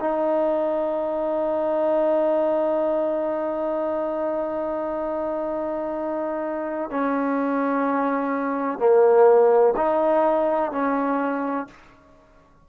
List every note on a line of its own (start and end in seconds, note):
0.00 6.90 D#4
6.90 8.79 C#4
8.79 9.74 A#3
9.77 10.72 D#4
10.72 11.67 C#4